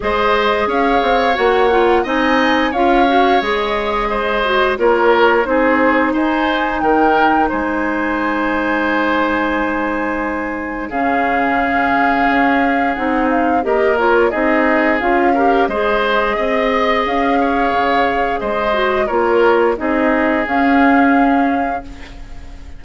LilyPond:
<<
  \new Staff \with { instrumentName = "flute" } { \time 4/4 \tempo 4 = 88 dis''4 f''4 fis''4 gis''4 | f''4 dis''2 cis''4 | c''4 gis''4 g''4 gis''4~ | gis''1 |
f''2. fis''8 f''8 | dis''8 cis''8 dis''4 f''4 dis''4~ | dis''4 f''2 dis''4 | cis''4 dis''4 f''2 | }
  \new Staff \with { instrumentName = "oboe" } { \time 4/4 c''4 cis''2 dis''4 | cis''2 c''4 ais'4 | gis'4 c''4 ais'4 c''4~ | c''1 |
gis'1 | ais'4 gis'4. ais'8 c''4 | dis''4. cis''4. c''4 | ais'4 gis'2. | }
  \new Staff \with { instrumentName = "clarinet" } { \time 4/4 gis'2 fis'8 f'8 dis'4 | f'8 fis'8 gis'4. fis'8 f'4 | dis'1~ | dis'1 |
cis'2. dis'4 | g'8 f'8 dis'4 f'8 g'8 gis'4~ | gis'2.~ gis'8 fis'8 | f'4 dis'4 cis'2 | }
  \new Staff \with { instrumentName = "bassoon" } { \time 4/4 gis4 cis'8 c'8 ais4 c'4 | cis'4 gis2 ais4 | c'4 dis'4 dis4 gis4~ | gis1 |
cis2 cis'4 c'4 | ais4 c'4 cis'4 gis4 | c'4 cis'4 cis4 gis4 | ais4 c'4 cis'2 | }
>>